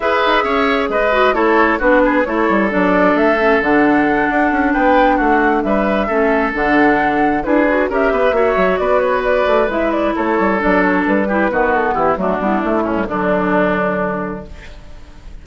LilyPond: <<
  \new Staff \with { instrumentName = "flute" } { \time 4/4 \tempo 4 = 133 e''2 dis''4 cis''4 | b'4 cis''4 d''4 e''4 | fis''2~ fis''8 g''4 fis''8~ | fis''8 e''2 fis''4.~ |
fis''8 b'4 e''2 d''8 | cis''8 d''4 e''8 d''8 cis''4 d''8 | cis''8 b'4. a'8 g'8 fis'8 e'8~ | e'4 d'2. | }
  \new Staff \with { instrumentName = "oboe" } { \time 4/4 b'4 cis''4 b'4 a'4 | fis'8 gis'8 a'2.~ | a'2~ a'8 b'4 fis'8~ | fis'8 b'4 a'2~ a'8~ |
a'8 gis'4 ais'8 b'8 cis''4 b'8~ | b'2~ b'8 a'4.~ | a'4 g'8 fis'4 e'8 d'4~ | d'8 cis'8 d'2. | }
  \new Staff \with { instrumentName = "clarinet" } { \time 4/4 gis'2~ gis'8 fis'8 e'4 | d'4 e'4 d'4. cis'8 | d'1~ | d'4. cis'4 d'4.~ |
d'8 e'8 fis'8 g'4 fis'4.~ | fis'4. e'2 d'8~ | d'4 e'8 b4. a8 b8 | a8. g16 fis2. | }
  \new Staff \with { instrumentName = "bassoon" } { \time 4/4 e'8 dis'8 cis'4 gis4 a4 | b4 a8 g8 fis4 a4 | d4. d'8 cis'8 b4 a8~ | a8 g4 a4 d4.~ |
d8 d'4 cis'8 b8 ais8 fis8 b8~ | b4 a8 gis4 a8 g8 fis8~ | fis8 g4 dis4 e8 fis8 g8 | a8 a,8 d2. | }
>>